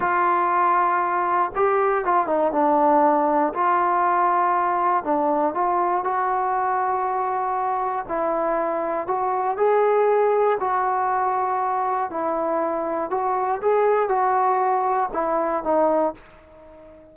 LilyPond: \new Staff \with { instrumentName = "trombone" } { \time 4/4 \tempo 4 = 119 f'2. g'4 | f'8 dis'8 d'2 f'4~ | f'2 d'4 f'4 | fis'1 |
e'2 fis'4 gis'4~ | gis'4 fis'2. | e'2 fis'4 gis'4 | fis'2 e'4 dis'4 | }